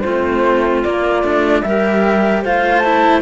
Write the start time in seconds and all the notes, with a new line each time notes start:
0.00 A3 C4 F4 C5
0.83 A#3 D5
1.23 A3 D4
1.62 G3 G4 A#4 E5
2.42 A3 F4 C5 F5
2.79 E4 A5